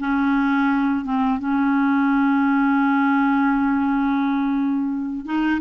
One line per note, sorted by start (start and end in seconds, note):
0.00 1.05 C#4
1.05 1.39 C4
1.39 5.26 C#4
5.26 5.61 D#4